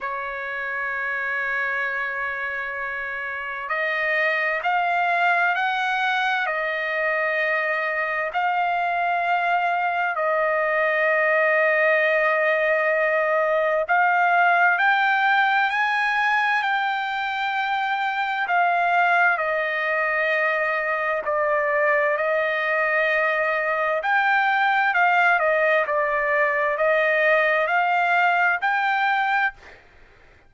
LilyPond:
\new Staff \with { instrumentName = "trumpet" } { \time 4/4 \tempo 4 = 65 cis''1 | dis''4 f''4 fis''4 dis''4~ | dis''4 f''2 dis''4~ | dis''2. f''4 |
g''4 gis''4 g''2 | f''4 dis''2 d''4 | dis''2 g''4 f''8 dis''8 | d''4 dis''4 f''4 g''4 | }